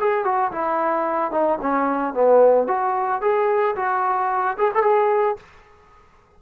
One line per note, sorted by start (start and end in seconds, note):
0.00 0.25 G#4
0.25 0.52 F#4
0.52 1.32 E4
1.32 1.59 D#4
1.62 2.14 C#4
2.14 2.68 B3
2.68 3.22 F#4
3.22 3.76 G#4
3.76 4.57 F#4
4.58 4.72 G#4
4.74 4.83 A4
4.83 5.37 G#4